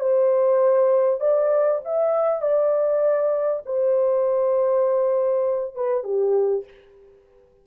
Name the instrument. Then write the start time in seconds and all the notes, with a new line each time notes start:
horn
0.00 C5
1.20 D5
1.85 E5
2.41 D5
3.65 C5
5.75 B4
6.03 G4